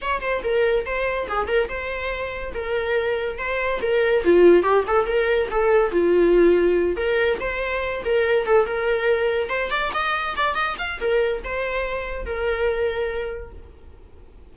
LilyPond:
\new Staff \with { instrumentName = "viola" } { \time 4/4 \tempo 4 = 142 cis''8 c''8 ais'4 c''4 gis'8 ais'8 | c''2 ais'2 | c''4 ais'4 f'4 g'8 a'8 | ais'4 a'4 f'2~ |
f'8 ais'4 c''4. ais'4 | a'8 ais'2 c''8 d''8 dis''8~ | dis''8 d''8 dis''8 f''8 ais'4 c''4~ | c''4 ais'2. | }